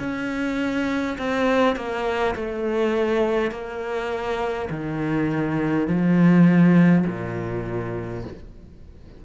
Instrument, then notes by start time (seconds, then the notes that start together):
cello
0.00 C#4
1.18 C4
1.76 A#3
2.36 A3
3.52 A#3
4.71 D#3
5.88 F3
7.07 A#2